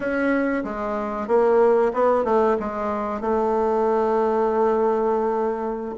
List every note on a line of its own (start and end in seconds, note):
0.00 0.63 C#4
0.64 1.27 G#3
1.27 1.92 A#3
1.93 2.24 B3
2.24 2.56 A3
2.59 3.21 G#3
3.21 5.95 A3